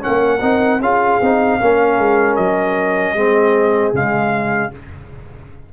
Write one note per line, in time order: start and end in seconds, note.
0.00 0.39 C#4
0.00 0.82 A#4
0.00 0.81 F#5
0.06 0.42 A#3
0.41 0.80 C4
0.41 0.80 D#4
0.80 1.19 C#4
0.80 1.22 F4
0.80 1.60 G#4
0.80 2.36 F5
1.21 1.60 C4
1.21 1.61 D#4
1.60 1.99 A#3
1.60 3.16 C#4
1.60 3.15 A#4
1.99 2.38 G#3
2.36 3.14 F#3
2.36 3.92 D#5
3.14 3.92 G#3
3.14 3.94 C4
3.14 4.71 G#4
3.93 4.71 C#3
3.93 4.72 G#3
3.93 4.74 F5